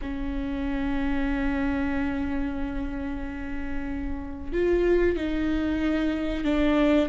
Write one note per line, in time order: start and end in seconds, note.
0.01 4.52 C#4
4.52 5.16 F4
5.16 6.44 D#4
6.44 7.09 D4